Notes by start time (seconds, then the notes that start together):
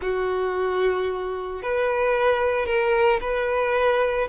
0.01 F#4
1.62 B4
2.65 A#4
3.20 B4